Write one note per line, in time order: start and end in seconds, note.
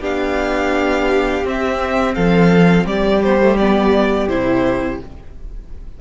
0.00 1.44 B3
0.00 1.44 D4
0.00 2.14 G4
0.00 1.46 F5
1.44 3.22 C4
1.44 2.16 C4
1.44 2.15 E5
2.15 2.85 F3
2.15 2.86 A4
2.15 2.86 F5
2.85 4.28 G3
2.85 5.00 G4
2.85 3.23 D5
3.23 3.41 B3
3.23 3.57 C5
3.41 3.59 A3
3.57 4.30 B3
3.57 4.28 D5
4.29 5.00 C3
4.29 5.01 E4
4.29 5.00 C5